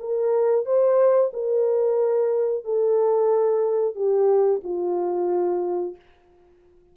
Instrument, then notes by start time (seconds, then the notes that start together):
horn
0.00 A#4
0.65 C5
1.33 A#4
2.64 A4
3.95 G4
4.64 F4